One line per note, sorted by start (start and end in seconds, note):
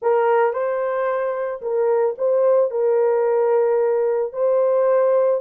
0.01 0.53 A#4
0.53 1.61 C5
1.61 2.15 A#4
2.18 2.70 C5
2.70 4.32 A#4
4.32 5.41 C5